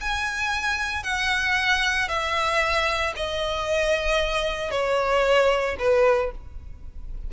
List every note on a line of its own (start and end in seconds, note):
0.00 1.03 G#5
1.03 2.08 F#5
2.08 3.13 E5
3.16 4.71 D#5
4.71 5.76 C#5
5.78 6.31 B4